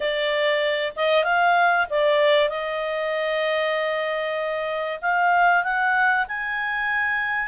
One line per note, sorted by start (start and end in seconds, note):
0.00 0.93 D5
0.95 1.24 D#5
1.24 1.86 F5
1.90 2.49 D5
2.49 4.99 D#5
5.01 5.63 F5
5.63 6.26 F#5
6.28 7.48 G#5